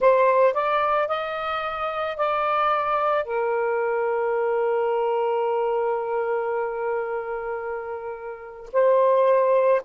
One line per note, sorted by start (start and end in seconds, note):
0.00 0.53 C5
0.53 1.08 D5
1.08 2.16 D#5
2.16 3.24 D5
3.24 8.70 A#4
8.72 9.81 C5